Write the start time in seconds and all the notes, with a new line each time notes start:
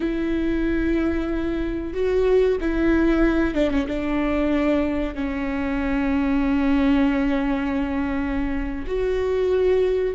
0.00 E4
1.93 F#4
2.60 E4
3.54 D4
3.70 C#4
3.87 D4
5.14 C#4
8.87 F#4